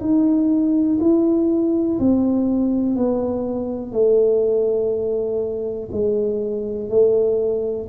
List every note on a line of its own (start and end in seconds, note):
0.00 0.98 D#4
1.00 1.98 E4
1.99 2.96 C4
2.96 3.92 B3
3.92 5.88 A3
5.92 6.89 G#3
6.89 7.87 A3